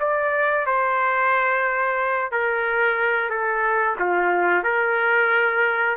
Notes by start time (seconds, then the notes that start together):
0.00 D5
0.66 C5
2.32 A#4
3.30 A4
3.99 F4
4.63 A#4